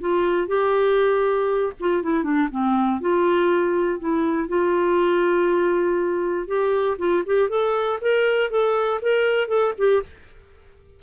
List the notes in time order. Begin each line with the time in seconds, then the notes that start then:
0.00 F4
0.47 G4
1.80 F4
2.02 E4
2.23 D4
2.51 C4
3.00 F4
3.99 E4
4.48 F4
6.47 G4
6.98 F4
7.26 G4
7.49 A4
8.01 A#4
8.50 A4
9.01 A#4
9.47 A4
9.77 G4